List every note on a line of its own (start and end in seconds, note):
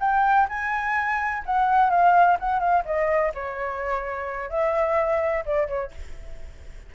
0.00 0.47 G5
0.49 1.43 G#5
1.45 1.90 F#5
1.90 2.37 F5
2.39 2.60 F#5
2.60 2.83 F5
2.85 3.32 D#5
3.34 4.49 C#5
4.49 5.44 E5
5.45 5.67 D5
5.67 5.91 C#5